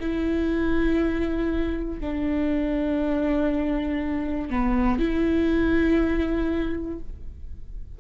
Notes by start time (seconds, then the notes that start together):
0.00 E4
2.00 D4
4.50 B3
4.99 E4